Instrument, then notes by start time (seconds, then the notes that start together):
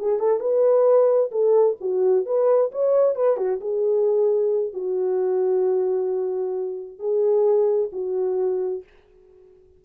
horn
0.00 G#4
0.20 A4
0.40 B4
1.32 A4
1.81 F#4
2.26 B4
2.72 C#5
3.16 B4
3.37 F#4
3.61 G#4
4.74 F#4
6.99 G#4
7.93 F#4